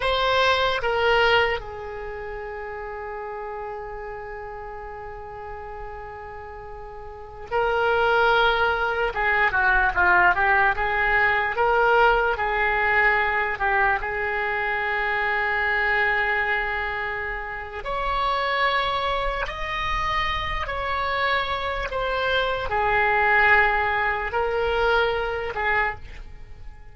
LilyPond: \new Staff \with { instrumentName = "oboe" } { \time 4/4 \tempo 4 = 74 c''4 ais'4 gis'2~ | gis'1~ | gis'4~ gis'16 ais'2 gis'8 fis'16~ | fis'16 f'8 g'8 gis'4 ais'4 gis'8.~ |
gis'8. g'8 gis'2~ gis'8.~ | gis'2 cis''2 | dis''4. cis''4. c''4 | gis'2 ais'4. gis'8 | }